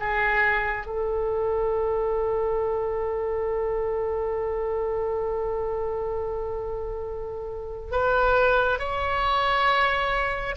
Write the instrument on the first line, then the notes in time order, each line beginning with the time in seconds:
oboe
0.00 G#4
0.86 A4
7.92 B4
8.80 C#5